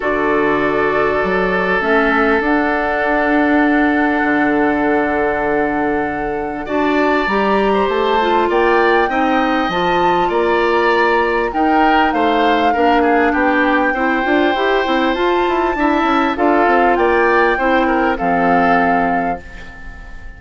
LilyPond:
<<
  \new Staff \with { instrumentName = "flute" } { \time 4/4 \tempo 4 = 99 d''2. e''4 | fis''1~ | fis''2. a''4 | ais''4 a''4 g''2 |
a''4 ais''2 g''4 | f''2 g''2~ | g''4 a''2 f''4 | g''2 f''2 | }
  \new Staff \with { instrumentName = "oboe" } { \time 4/4 a'1~ | a'1~ | a'2. d''4~ | d''8. c''4~ c''16 d''4 dis''4~ |
dis''4 d''2 ais'4 | c''4 ais'8 gis'8 g'4 c''4~ | c''2 e''4 a'4 | d''4 c''8 ais'8 a'2 | }
  \new Staff \with { instrumentName = "clarinet" } { \time 4/4 fis'2. cis'4 | d'1~ | d'2. fis'4 | g'4. f'4. dis'4 |
f'2. dis'4~ | dis'4 d'2 e'8 f'8 | g'8 e'8 f'4 e'4 f'4~ | f'4 e'4 c'2 | }
  \new Staff \with { instrumentName = "bassoon" } { \time 4/4 d2 fis4 a4 | d'2. d4~ | d2. d'4 | g4 a4 ais4 c'4 |
f4 ais2 dis'4 | a4 ais4 b4 c'8 d'8 | e'8 c'8 f'8 e'8 d'8 cis'8 d'8 c'8 | ais4 c'4 f2 | }
>>